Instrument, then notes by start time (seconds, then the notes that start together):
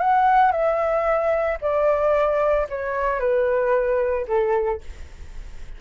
flute
0.00 F#5
0.52 E5
1.61 D5
2.69 C#5
3.20 B4
4.28 A4